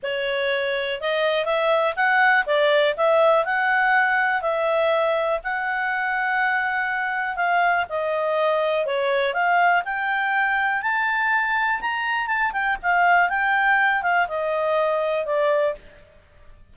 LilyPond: \new Staff \with { instrumentName = "clarinet" } { \time 4/4 \tempo 4 = 122 cis''2 dis''4 e''4 | fis''4 d''4 e''4 fis''4~ | fis''4 e''2 fis''4~ | fis''2. f''4 |
dis''2 cis''4 f''4 | g''2 a''2 | ais''4 a''8 g''8 f''4 g''4~ | g''8 f''8 dis''2 d''4 | }